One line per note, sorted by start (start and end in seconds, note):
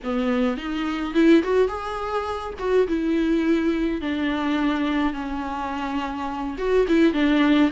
0.03 0.57 B3
0.57 1.14 D#4
1.14 1.42 E4
1.43 1.68 F#4
1.68 2.53 G#4
2.58 2.87 F#4
2.87 4.01 E4
4.01 5.13 D4
5.13 6.56 C#4
6.57 6.86 F#4
6.88 7.13 E4
7.13 7.70 D4